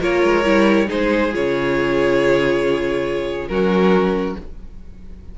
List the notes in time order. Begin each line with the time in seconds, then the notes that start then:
0.00 A#3 F4 A#4 C#5
0.23 G#3
0.44 G3 E4
0.87 G#3 D#4 G#4 C5
1.32 C#3 F4 C#5
3.48 F#3 C#4 F#4 A#4